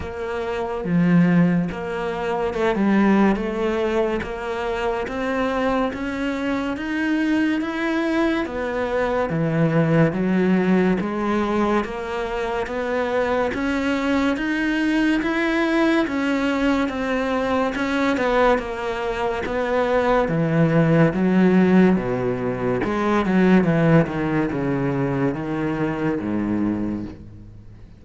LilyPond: \new Staff \with { instrumentName = "cello" } { \time 4/4 \tempo 4 = 71 ais4 f4 ais4 a16 g8. | a4 ais4 c'4 cis'4 | dis'4 e'4 b4 e4 | fis4 gis4 ais4 b4 |
cis'4 dis'4 e'4 cis'4 | c'4 cis'8 b8 ais4 b4 | e4 fis4 b,4 gis8 fis8 | e8 dis8 cis4 dis4 gis,4 | }